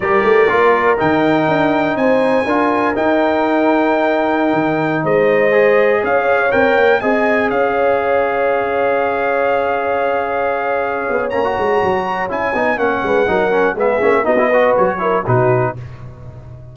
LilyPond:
<<
  \new Staff \with { instrumentName = "trumpet" } { \time 4/4 \tempo 4 = 122 d''2 g''2 | gis''2 g''2~ | g''2~ g''16 dis''4.~ dis''16~ | dis''16 f''4 g''4 gis''4 f''8.~ |
f''1~ | f''2. ais''4~ | ais''4 gis''4 fis''2 | e''4 dis''4 cis''4 b'4 | }
  \new Staff \with { instrumentName = "horn" } { \time 4/4 ais'1 | c''4 ais'2.~ | ais'2~ ais'16 c''4.~ c''16~ | c''16 cis''2 dis''4 cis''8.~ |
cis''1~ | cis''1~ | cis''2~ cis''8 b'8 ais'4 | gis'4 fis'8 b'4 ais'8 fis'4 | }
  \new Staff \with { instrumentName = "trombone" } { \time 4/4 g'4 f'4 dis'2~ | dis'4 f'4 dis'2~ | dis'2.~ dis'16 gis'8.~ | gis'4~ gis'16 ais'4 gis'4.~ gis'16~ |
gis'1~ | gis'2. cis'16 fis'8.~ | fis'4 e'8 dis'8 cis'4 dis'8 cis'8 | b8 cis'8 dis'16 e'16 fis'4 e'8 dis'4 | }
  \new Staff \with { instrumentName = "tuba" } { \time 4/4 g8 a8 ais4 dis4 d'4 | c'4 d'4 dis'2~ | dis'4~ dis'16 dis4 gis4.~ gis16~ | gis16 cis'4 c'8 ais8 c'4 cis'8.~ |
cis'1~ | cis'2~ cis'8 b8 ais8 gis8 | fis4 cis'8 b8 ais8 gis8 fis4 | gis8 ais8 b4 fis4 b,4 | }
>>